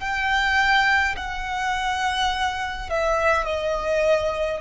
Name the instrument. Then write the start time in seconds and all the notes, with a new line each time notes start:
violin
0.00 G5
1.16 F#5
2.90 E5
3.46 D#5